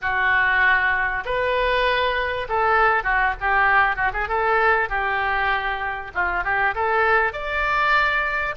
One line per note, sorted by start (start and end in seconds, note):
0.01 1.24 F#4
1.25 2.47 B4
2.48 3.03 A4
3.03 3.34 F#4
3.40 3.95 G4
3.95 4.11 F#4
4.13 4.28 G#4
4.28 4.89 A4
4.89 6.11 G4
6.14 6.43 F4
6.43 6.74 G4
6.74 7.32 A4
7.32 8.55 D5